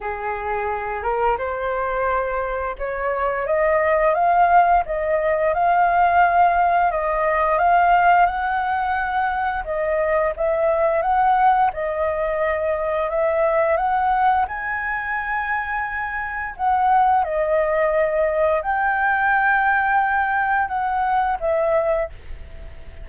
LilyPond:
\new Staff \with { instrumentName = "flute" } { \time 4/4 \tempo 4 = 87 gis'4. ais'8 c''2 | cis''4 dis''4 f''4 dis''4 | f''2 dis''4 f''4 | fis''2 dis''4 e''4 |
fis''4 dis''2 e''4 | fis''4 gis''2. | fis''4 dis''2 g''4~ | g''2 fis''4 e''4 | }